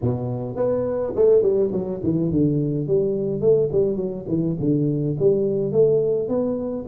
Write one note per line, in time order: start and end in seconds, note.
0.01 0.56 B2
0.56 1.13 B3
1.15 1.42 A3
1.42 1.71 G3
1.71 2.00 F#3
2.03 2.31 E3
2.31 2.87 D3
2.87 3.40 G3
3.40 3.69 A3
3.71 3.96 G3
3.96 4.24 F#3
4.28 4.56 E3
4.59 5.16 D3
5.19 5.72 G3
5.72 6.28 A3
6.28 6.85 B3